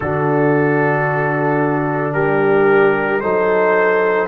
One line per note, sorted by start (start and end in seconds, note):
0.00 2.15 D3
0.00 3.22 D4
0.00 2.13 F#4
0.00 2.13 A4
2.13 3.22 G3
2.13 3.20 G4
2.13 3.20 A#4
3.20 4.28 F#3
3.20 4.28 D#4
3.20 4.28 A4
3.20 4.27 C5